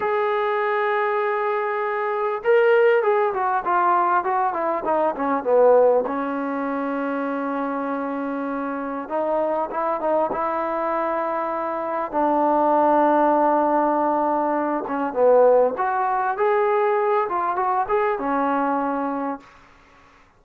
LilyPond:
\new Staff \with { instrumentName = "trombone" } { \time 4/4 \tempo 4 = 99 gis'1 | ais'4 gis'8 fis'8 f'4 fis'8 e'8 | dis'8 cis'8 b4 cis'2~ | cis'2. dis'4 |
e'8 dis'8 e'2. | d'1~ | d'8 cis'8 b4 fis'4 gis'4~ | gis'8 f'8 fis'8 gis'8 cis'2 | }